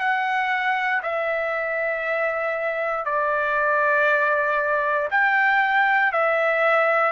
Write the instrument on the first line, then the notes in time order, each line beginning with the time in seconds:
trumpet
0.00 F#5
1.03 E5
3.06 D5
5.11 G5
6.12 E5